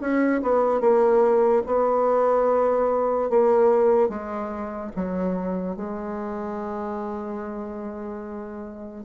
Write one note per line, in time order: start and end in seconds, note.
0.00 0.41 C#4
0.42 0.80 B3
0.80 1.62 A#3
1.66 3.30 B3
3.30 4.09 A#3
4.09 4.91 G#3
4.95 5.76 F#3
5.76 9.04 G#3